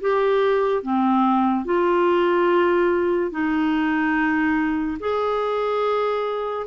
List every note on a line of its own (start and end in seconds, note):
0.00 0.82 G4
0.82 1.64 C4
1.64 3.31 F4
3.31 4.97 D#4
5.00 6.66 G#4